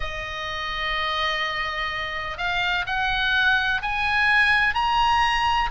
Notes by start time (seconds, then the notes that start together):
0.00 D#5
2.37 F5
2.86 F#5
3.82 G#5
4.74 A#5